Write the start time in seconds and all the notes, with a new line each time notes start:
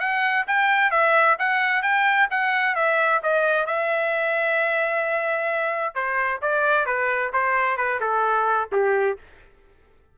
0.00 F#5
0.47 G5
0.91 E5
1.39 F#5
1.82 G5
2.30 F#5
2.75 E5
3.23 D#5
3.67 E5
5.95 C5
6.42 D5
6.86 B4
7.33 C5
7.77 B4
8.01 A4
8.72 G4